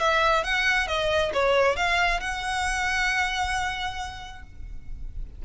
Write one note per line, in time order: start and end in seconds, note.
0.00 0.44 E5
0.44 0.87 F#5
0.87 1.32 D#5
1.33 1.76 C#5
1.76 2.20 F5
2.20 4.43 F#5